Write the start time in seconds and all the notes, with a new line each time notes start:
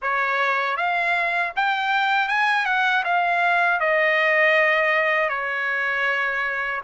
0.01 C#5
0.76 F5
1.56 G5
2.28 G#5
2.65 F#5
3.04 F5
3.80 D#5
5.29 C#5